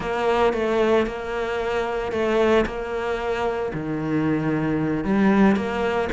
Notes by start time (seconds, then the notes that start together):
0.00 A#3
0.53 A3
1.06 A#3
2.12 A3
2.65 A#3
3.73 D#3
5.04 G3
5.55 A#3